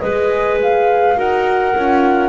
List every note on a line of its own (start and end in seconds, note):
0.00 1.18 G#3
0.00 1.17 G#4
0.00 1.18 B4
0.00 0.58 D#5
0.63 1.20 F5
1.17 1.75 D#4
1.17 1.75 F#4
1.17 2.30 A#4
1.17 2.30 F#5
1.76 2.30 C#4
1.76 2.30 F4